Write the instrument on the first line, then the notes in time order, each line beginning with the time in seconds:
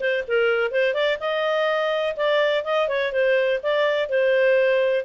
clarinet
0.00 C5
0.27 A#4
0.71 C5
0.94 D5
1.20 D#5
2.17 D5
2.64 D#5
2.88 C#5
3.12 C5
3.63 D5
4.09 C5